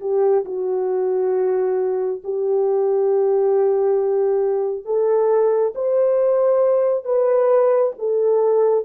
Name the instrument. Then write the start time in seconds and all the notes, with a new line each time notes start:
horn
0.00 G4
0.45 F#4
2.24 G4
4.85 A4
5.75 C5
7.04 B4
7.99 A4